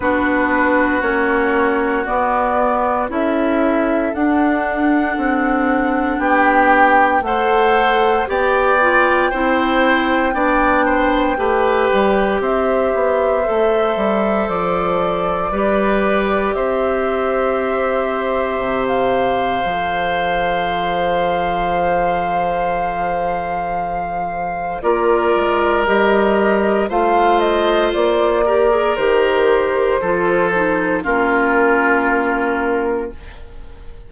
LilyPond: <<
  \new Staff \with { instrumentName = "flute" } { \time 4/4 \tempo 4 = 58 b'4 cis''4 d''4 e''4 | fis''2 g''4 fis''4 | g''1 | e''2 d''2 |
e''2~ e''16 f''4.~ f''16~ | f''1 | d''4 dis''4 f''8 dis''8 d''4 | c''2 ais'2 | }
  \new Staff \with { instrumentName = "oboe" } { \time 4/4 fis'2. a'4~ | a'2 g'4 c''4 | d''4 c''4 d''8 c''8 b'4 | c''2. b'4 |
c''1~ | c''1 | ais'2 c''4. ais'8~ | ais'4 a'4 f'2 | }
  \new Staff \with { instrumentName = "clarinet" } { \time 4/4 d'4 cis'4 b4 e'4 | d'2. a'4 | g'8 f'8 e'4 d'4 g'4~ | g'4 a'2 g'4~ |
g'2. a'4~ | a'1 | f'4 g'4 f'4. g'16 gis'16 | g'4 f'8 dis'8 cis'2 | }
  \new Staff \with { instrumentName = "bassoon" } { \time 4/4 b4 ais4 b4 cis'4 | d'4 c'4 b4 a4 | b4 c'4 b4 a8 g8 | c'8 b8 a8 g8 f4 g4 |
c'2 c4 f4~ | f1 | ais8 gis8 g4 a4 ais4 | dis4 f4 ais2 | }
>>